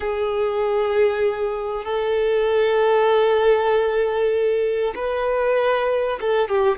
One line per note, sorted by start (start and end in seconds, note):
0.00 1.84 G#4
1.84 4.94 A4
4.95 6.19 B4
6.20 6.48 A4
6.48 6.78 G4